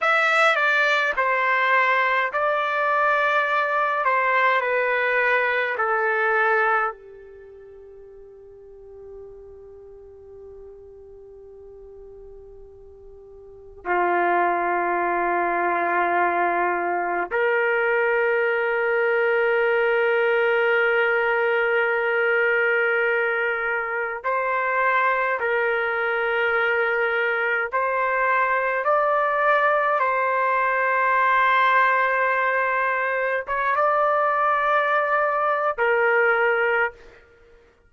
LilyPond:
\new Staff \with { instrumentName = "trumpet" } { \time 4/4 \tempo 4 = 52 e''8 d''8 c''4 d''4. c''8 | b'4 a'4 g'2~ | g'1 | f'2. ais'4~ |
ais'1~ | ais'4 c''4 ais'2 | c''4 d''4 c''2~ | c''4 cis''16 d''4.~ d''16 ais'4 | }